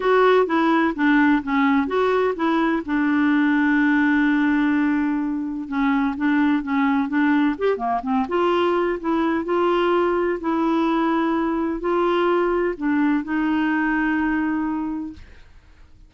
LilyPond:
\new Staff \with { instrumentName = "clarinet" } { \time 4/4 \tempo 4 = 127 fis'4 e'4 d'4 cis'4 | fis'4 e'4 d'2~ | d'1 | cis'4 d'4 cis'4 d'4 |
g'8 ais8 c'8 f'4. e'4 | f'2 e'2~ | e'4 f'2 d'4 | dis'1 | }